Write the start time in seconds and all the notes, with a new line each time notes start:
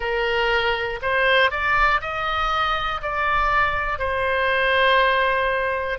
0.00 A#4
1.01 C5
1.50 D5
2.01 D#5
3.02 D5
3.99 C5